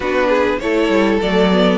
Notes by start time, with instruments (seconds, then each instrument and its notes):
0.00 cello B3, viola D4, violin F#4 B4
0.29 violin G#4
0.59 cello A3, viola E4, violin A4 C#5
0.89 cello G3
1.21 cello F#3, viola A3, violin D5
1.50 viola B3